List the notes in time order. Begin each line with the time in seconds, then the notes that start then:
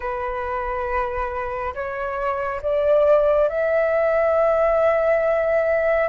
0.00 B4
1.74 C#5
2.62 D5
3.48 E5